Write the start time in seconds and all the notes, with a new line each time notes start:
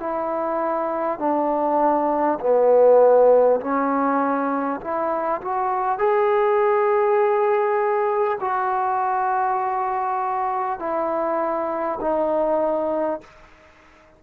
0.00 E4
1.18 D4
2.40 B3
3.60 C#4
4.80 E4
5.41 F#4
5.98 G#4
8.40 F#4
10.79 E4
12.01 D#4